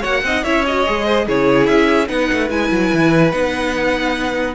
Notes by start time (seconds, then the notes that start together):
0.00 A#3 F#4 C#5 F#5
0.23 C4 D#4 D#5
0.43 C#4 E4 C#5 E5
0.66 F#4 D#5
0.85 G#3 G#4
1.05 C5
1.26 C#3 E4 G#4 C#5
1.66 C#4 E5
2.06 B3 D#4 B4 F#5
2.32 A3
2.50 G#3 E4 G#5
2.71 F#3
2.93 E3
3.32 B3 D#4 F#5